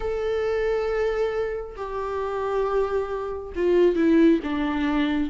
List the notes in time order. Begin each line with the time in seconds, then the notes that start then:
0.00 A4
1.76 G4
3.55 F4
3.95 E4
4.43 D4